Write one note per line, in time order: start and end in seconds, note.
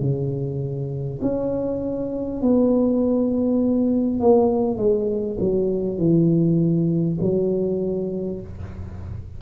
0.00 1.20 C#3
1.22 2.42 C#4
2.42 4.20 B3
4.20 4.77 A#3
4.77 5.37 G#3
5.40 5.98 F#3
5.98 7.18 E3
7.21 8.41 F#3